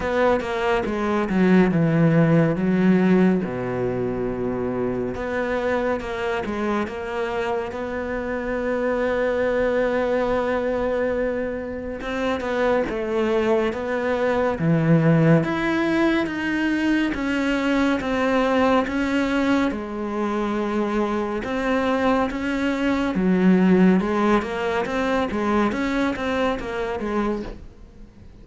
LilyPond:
\new Staff \with { instrumentName = "cello" } { \time 4/4 \tempo 4 = 70 b8 ais8 gis8 fis8 e4 fis4 | b,2 b4 ais8 gis8 | ais4 b2.~ | b2 c'8 b8 a4 |
b4 e4 e'4 dis'4 | cis'4 c'4 cis'4 gis4~ | gis4 c'4 cis'4 fis4 | gis8 ais8 c'8 gis8 cis'8 c'8 ais8 gis8 | }